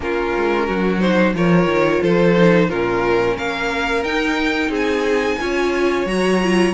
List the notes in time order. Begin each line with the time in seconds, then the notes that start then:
0.00 A#3 C#4 F4 A#4
0.36 G#3
0.66 F#3 F#4
1.00 D#4 C5
1.34 F3 F4 A#4 C#5
1.65 D#3
2.02 F3 A4 C5
2.37 D#4
2.69 A#2 C#4 F4 A#4
3.35 A#3 A#4 F5
4.02 D#4 G5
4.68 C4 G#4
4.74 G#5
5.40 C#4 F4 C#5
6.05 F#3 F#4 A#5
6.43 F4